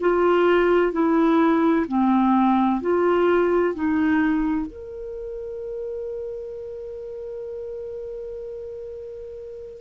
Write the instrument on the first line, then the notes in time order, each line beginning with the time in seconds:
clarinet
0.00 F4
0.92 E4
1.87 C4
2.81 F4
3.74 D#4
4.66 A#4